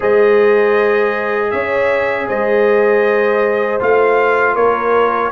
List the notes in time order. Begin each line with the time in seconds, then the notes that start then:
0.00 G#3 G#4 C5 D#5
1.50 C#4 C#5 E5
2.28 G#3 C5 D#5
3.79 A3 F4 F5
4.54 A#3 A#4 C#5